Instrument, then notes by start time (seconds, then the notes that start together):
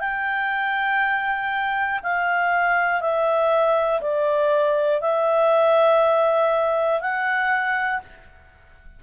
clarinet
0.00 G5
2.03 F5
3.01 E5
4.01 D5
5.01 E5
7.00 F#5